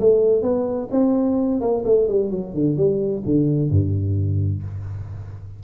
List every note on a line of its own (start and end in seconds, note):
0.00 0.42 A3
0.42 0.89 B3
0.91 1.61 C4
1.61 1.84 A#3
1.85 2.08 A3
2.08 2.31 G3
2.31 2.54 F#3
2.54 2.77 D3
2.77 3.23 G3
3.26 3.70 D3
3.70 4.63 G2